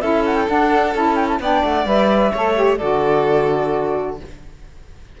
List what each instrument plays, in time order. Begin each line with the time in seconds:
0.00 cello C#4, saxophone E4, violin A4, flute E5
0.24 flute F#5
0.35 flute G5
0.47 saxophone D4, cello D4, flute F#5
0.94 cello C#4, saxophone E4, flute A5
1.15 flute G5
1.28 flute A5
1.39 cello B3, saxophone D4, violin D5, flute G5
1.64 cello A3, flute F#5
1.85 cello G3, saxophone B4, flute E5
2.32 cello A3, saxophone A4, violin C#5
2.55 saxophone G4
2.77 cello D3, saxophone F#4, violin A4, flute D5